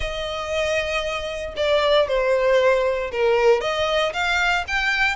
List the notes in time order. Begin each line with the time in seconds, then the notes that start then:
0.00 D#5
1.56 D5
2.07 C5
3.11 A#4
3.61 D#5
4.13 F5
4.67 G5